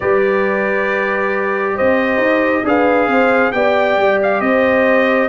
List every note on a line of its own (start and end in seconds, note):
0.00 1.78 G3
0.00 2.64 G4
0.00 1.74 B4
0.00 1.77 D5
1.75 2.17 C4
1.75 2.63 C5
1.75 2.65 D#5
2.17 2.61 D#4
2.63 3.07 D4
2.63 3.53 G#4
2.63 3.08 B4
2.63 3.52 F5
3.07 3.51 C4
3.07 3.52 C5
3.52 3.97 B3
3.52 5.28 G4
3.52 4.43 D5
3.52 4.18 G5
3.97 4.40 G3
4.22 4.40 F5
4.40 5.28 C4
4.40 5.28 C5
4.40 5.28 D#5